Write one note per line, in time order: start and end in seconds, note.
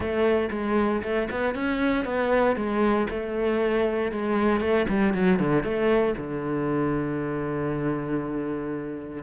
0.00 0.49 A3
0.51 1.02 G#3
1.02 1.28 A3
1.30 1.55 B3
1.55 2.05 C#4
2.05 2.55 B3
2.55 3.07 G#3
3.09 4.11 A3
4.11 4.60 G#3
4.60 4.86 A3
4.88 5.13 G3
5.13 5.39 F#3
5.39 5.63 D3
5.63 6.14 A3
6.17 9.22 D3